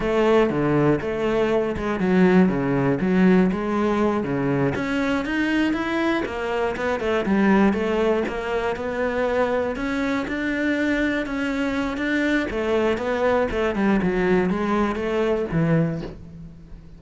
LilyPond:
\new Staff \with { instrumentName = "cello" } { \time 4/4 \tempo 4 = 120 a4 d4 a4. gis8 | fis4 cis4 fis4 gis4~ | gis8 cis4 cis'4 dis'4 e'8~ | e'8 ais4 b8 a8 g4 a8~ |
a8 ais4 b2 cis'8~ | cis'8 d'2 cis'4. | d'4 a4 b4 a8 g8 | fis4 gis4 a4 e4 | }